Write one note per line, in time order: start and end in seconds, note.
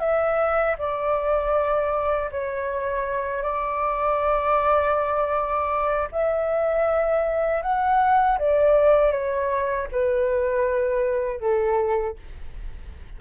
0.00 0.76 E5
0.78 2.30 D5
2.31 3.42 C#5
3.42 6.08 D5
6.12 7.63 E5
7.63 8.39 F#5
8.39 9.12 D5
9.12 9.88 C#5
9.92 11.40 B4
11.40 12.16 A4